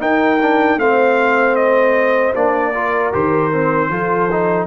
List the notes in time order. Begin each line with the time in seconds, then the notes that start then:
0.00 D#4 A#4 G5
0.42 D4
0.77 A3 C4 C5 F5
1.56 D#5
2.35 A#3 D4 D5
2.73 F4 A#4
3.13 D#3 G4 C5
3.53 C4
3.90 F3 F4 A4
4.31 D#4